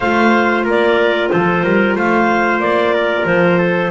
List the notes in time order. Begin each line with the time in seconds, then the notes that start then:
0.00 A3 F4 C5 F5
0.64 A#3 A#4 D5
1.29 F3 A4 C5
1.63 G3 A#4
1.95 A3 C5 F5
2.59 A#3 D5
2.93 A#4
3.25 F3 C5
3.58 A4